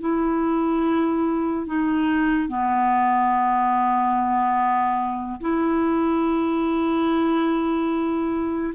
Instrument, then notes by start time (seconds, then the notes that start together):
clarinet
0.00 E4
1.67 D#4
2.48 B3
5.41 E4